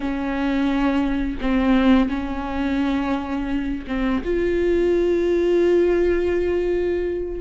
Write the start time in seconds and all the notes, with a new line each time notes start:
0.00 C#4
1.41 C4
2.09 C#4
3.87 C4
4.24 F4